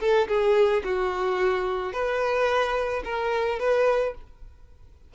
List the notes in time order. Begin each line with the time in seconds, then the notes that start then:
0.00 A4
0.28 G#4
0.84 F#4
1.93 B4
3.05 A#4
3.59 B4